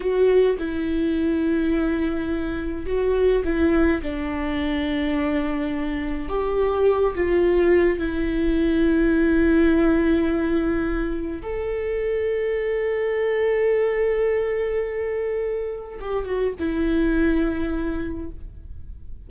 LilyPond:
\new Staff \with { instrumentName = "viola" } { \time 4/4 \tempo 4 = 105 fis'4 e'2.~ | e'4 fis'4 e'4 d'4~ | d'2. g'4~ | g'8 f'4. e'2~ |
e'1 | a'1~ | a'1 | g'8 fis'8 e'2. | }